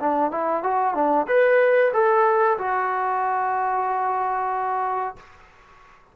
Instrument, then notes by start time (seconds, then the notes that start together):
trombone
0.00 D4
0.31 E4
0.63 F#4
0.94 D4
1.28 B4
1.93 A4
2.58 F#4